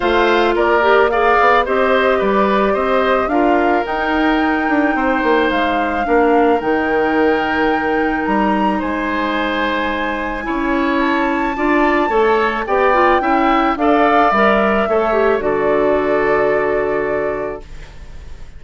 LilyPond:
<<
  \new Staff \with { instrumentName = "flute" } { \time 4/4 \tempo 4 = 109 f''4 d''4 f''4 dis''4 | d''4 dis''4 f''4 g''4~ | g''2 f''2 | g''2. ais''4 |
gis''1 | a''2. g''4~ | g''4 f''4 e''2 | d''1 | }
  \new Staff \with { instrumentName = "oboe" } { \time 4/4 c''4 ais'4 d''4 c''4 | b'4 c''4 ais'2~ | ais'4 c''2 ais'4~ | ais'1 |
c''2. cis''4~ | cis''4 d''4 cis''4 d''4 | e''4 d''2 cis''4 | a'1 | }
  \new Staff \with { instrumentName = "clarinet" } { \time 4/4 f'4. g'8 gis'4 g'4~ | g'2 f'4 dis'4~ | dis'2. d'4 | dis'1~ |
dis'2. e'4~ | e'4 f'4 a'4 g'8 f'8 | e'4 a'4 ais'4 a'8 g'8 | fis'1 | }
  \new Staff \with { instrumentName = "bassoon" } { \time 4/4 a4 ais4. b8 c'4 | g4 c'4 d'4 dis'4~ | dis'8 d'8 c'8 ais8 gis4 ais4 | dis2. g4 |
gis2. cis'4~ | cis'4 d'4 a4 b4 | cis'4 d'4 g4 a4 | d1 | }
>>